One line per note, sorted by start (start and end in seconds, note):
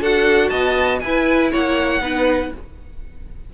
0.00 0.51 D4
0.00 1.02 F#4
0.00 0.50 A4
0.00 0.49 F#5
0.49 1.01 B3
0.49 1.00 D#5
0.49 0.99 A5
0.99 1.51 E4
0.99 2.01 E4
0.99 1.51 B4
0.99 1.49 G#5
1.51 2.00 A#3
1.51 2.01 C#5
1.51 2.54 F#5
2.00 2.50 B3
2.00 2.51 D#4
2.00 2.53 B4